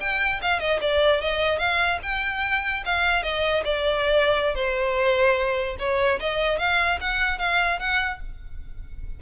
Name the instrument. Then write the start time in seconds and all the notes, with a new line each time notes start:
violin
0.00 G5
0.41 F5
0.59 D#5
0.81 D5
1.21 D#5
1.58 F5
2.02 G5
2.85 F5
3.23 D#5
3.64 D5
4.55 C5
5.79 C#5
6.20 D#5
6.58 F5
7.00 F#5
7.38 F5
7.79 F#5